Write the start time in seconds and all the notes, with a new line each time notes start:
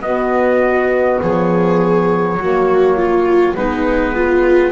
0.00 B3 F#4 D#5
1.22 F3 G#4 C#5
2.37 F#3 A#3 F#4
2.97 F4
3.55 G#3 B3 D#4 B4
4.15 F4